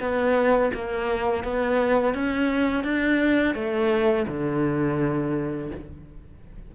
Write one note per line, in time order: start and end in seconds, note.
0.00 0.71 B3
0.74 1.44 A#3
1.44 2.14 B3
2.14 2.84 C#4
2.84 3.55 D4
3.55 4.26 A3
4.28 5.70 D3